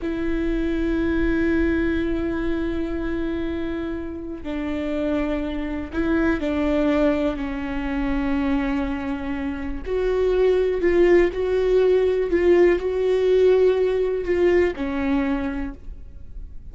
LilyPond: \new Staff \with { instrumentName = "viola" } { \time 4/4 \tempo 4 = 122 e'1~ | e'1~ | e'4 d'2. | e'4 d'2 cis'4~ |
cis'1 | fis'2 f'4 fis'4~ | fis'4 f'4 fis'2~ | fis'4 f'4 cis'2 | }